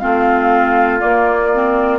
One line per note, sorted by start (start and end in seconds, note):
0.00 1.02 A3
0.00 1.00 C4
0.00 1.99 F4
0.00 1.00 F5
1.00 1.50 A#3
1.00 1.99 A#3
1.00 1.99 D5
1.55 1.99 C4